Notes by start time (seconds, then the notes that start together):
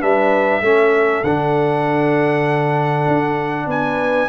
0.00 G3 D4 B4 E5
0.61 A3 C#4 A4
1.23 D3 D4 F#5
3.08 D4
3.67 B3 B4 G#5